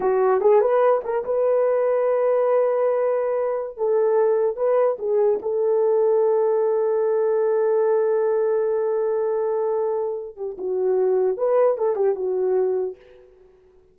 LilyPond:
\new Staff \with { instrumentName = "horn" } { \time 4/4 \tempo 4 = 148 fis'4 gis'8 b'4 ais'8 b'4~ | b'1~ | b'4~ b'16 a'2 b'8.~ | b'16 gis'4 a'2~ a'8.~ |
a'1~ | a'1~ | a'4. g'8 fis'2 | b'4 a'8 g'8 fis'2 | }